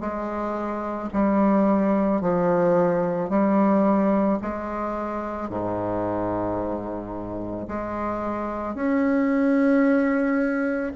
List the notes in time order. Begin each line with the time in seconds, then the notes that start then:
0.00 G#3
1.13 G3
2.21 F3
3.30 G3
4.42 G#3
5.49 G#2
7.68 G#3
8.75 C#4